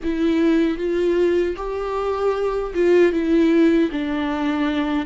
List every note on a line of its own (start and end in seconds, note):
0.03 0.77 E4
0.77 1.55 F4
1.56 2.73 G4
2.74 3.12 F4
3.12 3.90 E4
3.91 5.05 D4